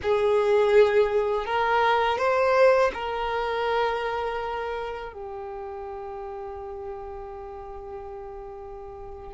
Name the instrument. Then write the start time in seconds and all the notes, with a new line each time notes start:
violin
0.02 G#4
1.45 A#4
2.18 C5
2.93 A#4
5.13 G4